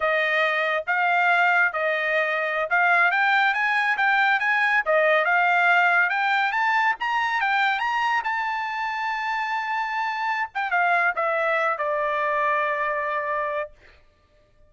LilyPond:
\new Staff \with { instrumentName = "trumpet" } { \time 4/4 \tempo 4 = 140 dis''2 f''2 | dis''2~ dis''16 f''4 g''8.~ | g''16 gis''4 g''4 gis''4 dis''8.~ | dis''16 f''2 g''4 a''8.~ |
a''16 ais''4 g''4 ais''4 a''8.~ | a''1~ | a''8 g''8 f''4 e''4. d''8~ | d''1 | }